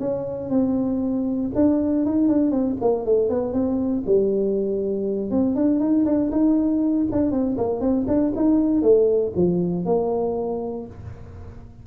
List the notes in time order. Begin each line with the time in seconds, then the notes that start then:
0.00 C#4
0.50 C4
1.55 D4
2.06 D#4
2.28 D4
2.51 C4
2.81 A#3
3.05 A3
3.30 B3
3.53 C4
4.06 G3
5.31 C4
5.56 D4
5.80 D#4
6.06 D4
6.32 D#4
7.12 D4
7.32 C4
7.57 A#3
7.81 C4
8.08 D4
8.36 D#4
8.83 A3
9.36 F3
9.86 A#3